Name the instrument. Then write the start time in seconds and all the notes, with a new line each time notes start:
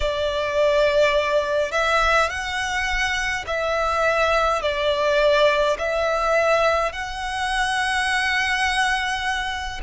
violin
0.00 D5
1.72 E5
2.29 F#5
3.46 E5
4.62 D5
5.78 E5
6.92 F#5